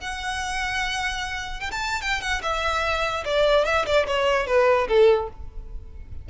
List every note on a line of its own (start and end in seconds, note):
0.00 1.60 F#5
1.60 1.71 G5
1.71 2.01 A5
2.01 2.21 G5
2.21 2.41 F#5
2.42 3.24 E5
3.25 3.65 D5
3.65 3.85 E5
3.86 4.06 D5
4.07 4.47 C#5
4.47 4.88 B4
4.88 5.29 A4